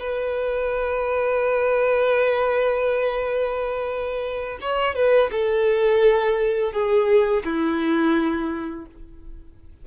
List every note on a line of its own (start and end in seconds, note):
0.00 4.59 B4
4.61 4.95 C#5
4.95 5.31 B4
5.32 6.73 A4
6.73 7.43 G#4
7.45 8.86 E4